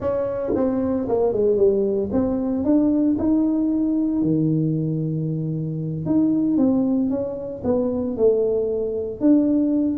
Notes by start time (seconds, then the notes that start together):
0.00 C#4
0.55 C4
1.08 A#3
1.32 G#3
1.56 G3
2.11 C4
2.64 D4
3.18 D#4
4.22 D#3
6.05 D#4
6.57 C4
7.10 C#4
7.64 B3
8.16 A3
9.20 D4